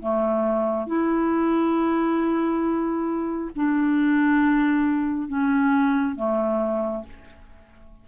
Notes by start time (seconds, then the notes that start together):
0.00 A3
0.87 E4
3.55 D4
5.28 C#4
6.16 A3